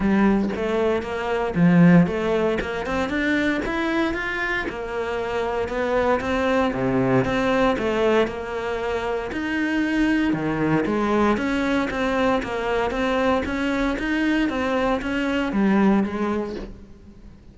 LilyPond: \new Staff \with { instrumentName = "cello" } { \time 4/4 \tempo 4 = 116 g4 a4 ais4 f4 | a4 ais8 c'8 d'4 e'4 | f'4 ais2 b4 | c'4 c4 c'4 a4 |
ais2 dis'2 | dis4 gis4 cis'4 c'4 | ais4 c'4 cis'4 dis'4 | c'4 cis'4 g4 gis4 | }